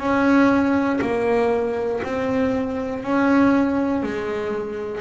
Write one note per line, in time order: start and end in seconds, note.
0.00 1.00 C#4
1.02 2.02 A#3
2.04 3.03 C4
3.03 4.03 C#4
4.03 5.01 G#3